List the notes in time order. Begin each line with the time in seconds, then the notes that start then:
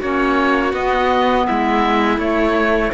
0.00 A#3 C#4 F#4 C#5
0.72 B3 D#5
1.46 G#3 E4 E5
2.18 A3 C#5